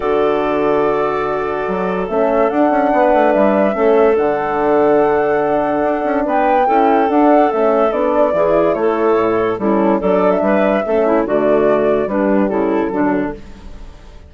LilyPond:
<<
  \new Staff \with { instrumentName = "flute" } { \time 4/4 \tempo 4 = 144 d''1~ | d''4 e''4 fis''2 | e''2 fis''2~ | fis''2. g''4~ |
g''4 fis''4 e''4 d''4~ | d''4 cis''2 a'4 | d''8. e''2~ e''16 d''4~ | d''4 b'4 a'2 | }
  \new Staff \with { instrumentName = "clarinet" } { \time 4/4 a'1~ | a'2. b'4~ | b'4 a'2.~ | a'2. b'4 |
a'1 | gis'4 a'2 e'4 | a'4 b'4 a'8 e'8 fis'4~ | fis'4 d'4 e'4 d'4 | }
  \new Staff \with { instrumentName = "horn" } { \time 4/4 fis'1~ | fis'4 cis'4 d'2~ | d'4 cis'4 d'2~ | d'1 |
e'4 d'4 cis'4 d'4 | e'2. cis'4 | d'2 cis'4 a4~ | a4 g2 fis4 | }
  \new Staff \with { instrumentName = "bassoon" } { \time 4/4 d1 | fis4 a4 d'8 cis'8 b8 a8 | g4 a4 d2~ | d2 d'8 cis'8 b4 |
cis'4 d'4 a4 b4 | e4 a4 a,4 g4 | fis4 g4 a4 d4~ | d4 g4 cis4 d4 | }
>>